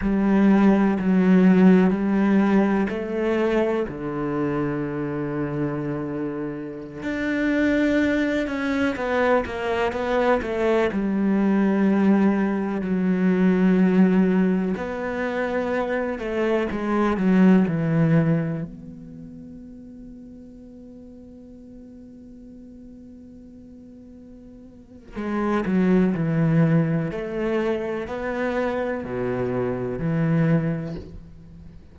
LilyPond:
\new Staff \with { instrumentName = "cello" } { \time 4/4 \tempo 4 = 62 g4 fis4 g4 a4 | d2.~ d16 d'8.~ | d'8. cis'8 b8 ais8 b8 a8 g8.~ | g4~ g16 fis2 b8.~ |
b8. a8 gis8 fis8 e4 b8.~ | b1~ | b2 gis8 fis8 e4 | a4 b4 b,4 e4 | }